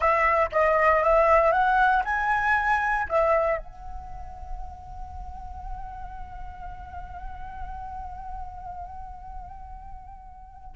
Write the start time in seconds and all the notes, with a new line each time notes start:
0.00 E5
0.52 D#5
1.03 E5
1.52 F#5
2.04 G#5
3.08 E5
3.58 F#5